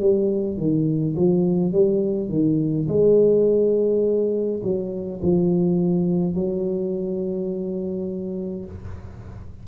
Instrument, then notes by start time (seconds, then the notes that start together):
tuba
0.00 G3
0.58 D#3
1.16 F3
1.73 G3
2.29 D#3
2.88 G#3
4.63 F#3
5.22 F3
6.35 F#3